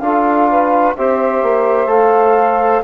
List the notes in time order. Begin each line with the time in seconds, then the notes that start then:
0.00 D4 F4 A4 F5
0.49 B4
0.96 C4 G4 C5 E5
1.43 A#3
1.87 A3 A4 F5